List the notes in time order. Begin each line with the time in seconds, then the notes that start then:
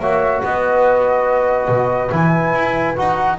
0.00 A#3 F#4 C#5 E5
0.42 B3 B4 D#5
1.69 B2
2.11 E3 E4 G#5
2.54 E4
2.96 D#4 F#4 F#5